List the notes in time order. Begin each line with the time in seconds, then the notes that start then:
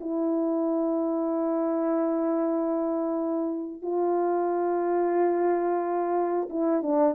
0.00 E4
3.82 F4
6.49 E4
6.82 D4